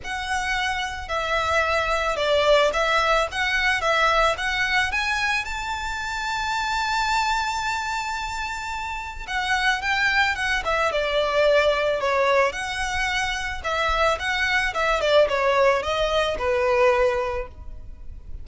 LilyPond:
\new Staff \with { instrumentName = "violin" } { \time 4/4 \tempo 4 = 110 fis''2 e''2 | d''4 e''4 fis''4 e''4 | fis''4 gis''4 a''2~ | a''1~ |
a''4 fis''4 g''4 fis''8 e''8 | d''2 cis''4 fis''4~ | fis''4 e''4 fis''4 e''8 d''8 | cis''4 dis''4 b'2 | }